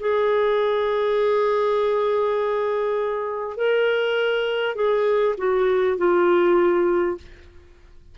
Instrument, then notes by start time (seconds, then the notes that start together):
clarinet
0.00 G#4
3.57 A#4
4.76 G#4
5.38 F#4
5.98 F4